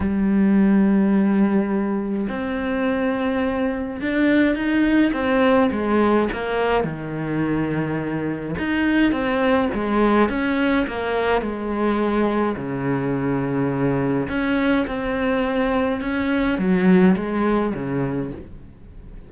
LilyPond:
\new Staff \with { instrumentName = "cello" } { \time 4/4 \tempo 4 = 105 g1 | c'2. d'4 | dis'4 c'4 gis4 ais4 | dis2. dis'4 |
c'4 gis4 cis'4 ais4 | gis2 cis2~ | cis4 cis'4 c'2 | cis'4 fis4 gis4 cis4 | }